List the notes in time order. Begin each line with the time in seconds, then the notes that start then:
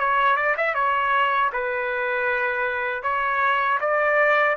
0.00 C#5
0.37 D5
0.58 E5
0.75 C#5
1.53 B4
3.03 C#5
3.81 D5